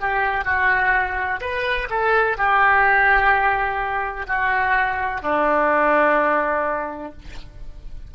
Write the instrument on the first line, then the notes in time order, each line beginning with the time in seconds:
oboe
0.00 G4
0.45 F#4
1.41 B4
1.90 A4
2.37 G4
4.27 F#4
5.22 D4